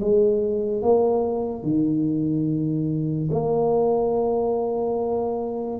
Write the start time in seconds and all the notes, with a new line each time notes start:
0.00 G#3
0.82 A#3
1.62 D#3
3.31 A#3